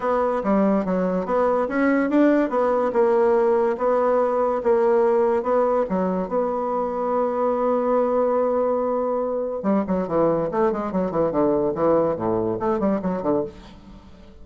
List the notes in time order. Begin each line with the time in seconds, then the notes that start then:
0.00 B3
0.43 G3
0.85 F#3
1.25 B3
1.68 C#4
2.10 D4
2.49 B3
2.92 A#3
3.77 B3
4.63 A#3
5.43 B3
5.89 F#3
6.28 B3
9.63 G3
9.87 F#3
10.07 E3
10.51 A3
10.72 G#3
10.92 F#3
11.11 E3
11.31 D3
11.75 E3
12.16 A2
12.59 A3
12.79 G3
13.01 F#3
13.22 D3